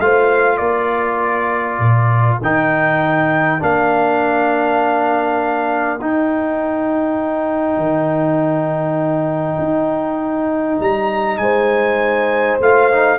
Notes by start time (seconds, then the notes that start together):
0.00 A3 F4 C5 F5
0.57 A#3 A#4 D5
1.79 A#2
2.41 D#3 D#4 G5
3.60 A#3 D4 F5
6.01 D#4 G5
7.77 D#3
9.58 D#4
10.80 G3 A#5
11.38 G#3 C5 G#5
12.60 A3 F4 F5
12.92 D#4